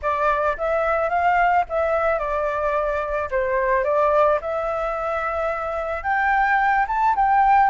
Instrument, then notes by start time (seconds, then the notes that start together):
flute
0.02 D5
0.57 E5
1.09 F5
1.69 E5
2.19 D5
3.31 C5
3.84 D5
4.41 E5
6.03 G5
6.87 A5
7.15 G5